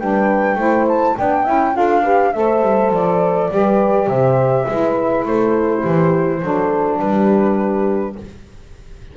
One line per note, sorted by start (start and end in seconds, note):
0.00 0.56 G3
0.00 0.58 D4
0.00 0.59 B4
0.00 0.87 G5
0.56 1.14 A3
0.56 1.16 E4
0.56 1.17 C5
0.88 1.17 A5
1.18 1.48 B3
1.18 1.47 D4
1.18 1.44 D5
1.18 1.76 G5
1.44 1.76 C#4
1.44 1.74 E4
1.44 1.73 E5
1.74 2.35 D4
1.74 2.03 F4
1.74 2.03 A4
1.74 2.33 F5
2.03 2.33 G4
2.03 2.33 B4
2.33 2.62 A3
2.33 3.51 A4
2.33 3.53 C5
2.33 2.91 E5
2.62 2.91 G3
2.92 3.50 F3
2.92 4.09 D5
3.51 4.08 G3
3.51 4.67 G4
3.51 4.09 B4
4.08 4.66 C3
4.08 4.67 C5
4.08 5.25 E5
4.69 5.26 G#3
4.69 6.42 E4
4.69 5.26 B4
5.26 5.84 A3
5.26 5.82 A4
5.26 6.99 C5
5.82 6.43 E3
5.82 6.40 G4
6.42 7.00 F#3
6.42 8.17 D4
6.42 7.01 A4
6.99 8.16 G3
6.99 8.17 G4
6.99 8.16 B4